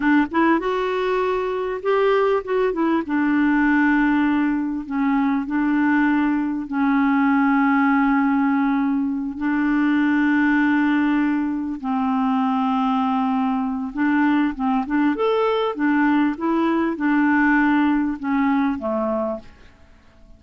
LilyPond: \new Staff \with { instrumentName = "clarinet" } { \time 4/4 \tempo 4 = 99 d'8 e'8 fis'2 g'4 | fis'8 e'8 d'2. | cis'4 d'2 cis'4~ | cis'2.~ cis'8 d'8~ |
d'2.~ d'8 c'8~ | c'2. d'4 | c'8 d'8 a'4 d'4 e'4 | d'2 cis'4 a4 | }